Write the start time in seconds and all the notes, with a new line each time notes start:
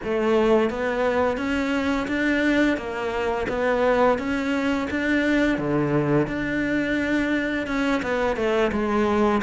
0.03 A3
0.70 B3
1.37 C#4
2.07 D4
2.77 A#3
3.49 B3
4.18 C#4
4.90 D4
5.58 D3
6.27 D4
7.66 C#4
8.02 B3
8.36 A3
8.71 G#3